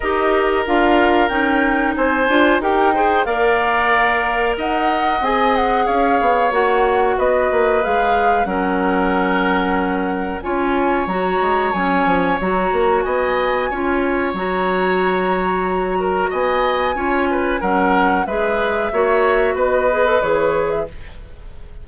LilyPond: <<
  \new Staff \with { instrumentName = "flute" } { \time 4/4 \tempo 4 = 92 dis''4 f''4 g''4 gis''4 | g''4 f''2 fis''4 | gis''8 fis''8 f''4 fis''4 dis''4 | f''4 fis''2. |
gis''4 ais''4 gis''4 ais''4 | gis''2 ais''2~ | ais''4 gis''2 fis''4 | e''2 dis''4 cis''8. e''16 | }
  \new Staff \with { instrumentName = "oboe" } { \time 4/4 ais'2. c''4 | ais'8 c''8 d''2 dis''4~ | dis''4 cis''2 b'4~ | b'4 ais'2. |
cis''1 | dis''4 cis''2.~ | cis''8 ais'8 dis''4 cis''8 b'8 ais'4 | b'4 cis''4 b'2 | }
  \new Staff \with { instrumentName = "clarinet" } { \time 4/4 g'4 f'4 dis'4. f'8 | g'8 gis'8 ais'2. | gis'2 fis'2 | gis'4 cis'2. |
f'4 fis'4 cis'4 fis'4~ | fis'4 f'4 fis'2~ | fis'2 f'4 cis'4 | gis'4 fis'4. gis'16 a'16 gis'4 | }
  \new Staff \with { instrumentName = "bassoon" } { \time 4/4 dis'4 d'4 cis'4 c'8 d'8 | dis'4 ais2 dis'4 | c'4 cis'8 b8 ais4 b8 ais8 | gis4 fis2. |
cis'4 fis8 gis8 fis8 f8 fis8 ais8 | b4 cis'4 fis2~ | fis4 b4 cis'4 fis4 | gis4 ais4 b4 e4 | }
>>